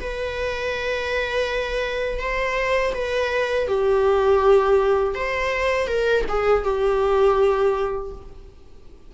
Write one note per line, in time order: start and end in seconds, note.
0.00 2.19 B4
2.19 2.93 C5
2.94 3.67 B4
3.67 5.14 G4
5.14 5.87 C5
5.87 6.24 A#4
6.28 6.63 G#4
6.63 8.11 G4